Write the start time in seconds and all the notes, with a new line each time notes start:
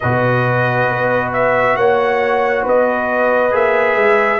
0.00 B2 F#4 B4 D#5
0.88 B3
1.32 E5
1.76 A#3 C#5 F#5
2.62 B3 B4 D#5
3.51 A#3 G#4 E5
3.95 G#3